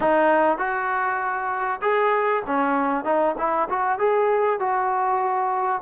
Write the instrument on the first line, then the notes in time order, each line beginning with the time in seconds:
trombone
0.00 D#4
0.58 F#4
1.81 G#4
2.46 C#4
3.04 D#4
3.38 E4
3.69 F#4
3.99 G#4
4.59 F#4